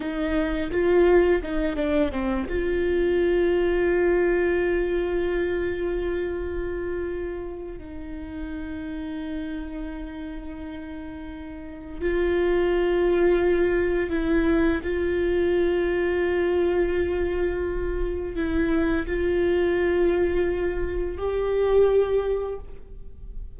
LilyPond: \new Staff \with { instrumentName = "viola" } { \time 4/4 \tempo 4 = 85 dis'4 f'4 dis'8 d'8 c'8 f'8~ | f'1~ | f'2. dis'4~ | dis'1~ |
dis'4 f'2. | e'4 f'2.~ | f'2 e'4 f'4~ | f'2 g'2 | }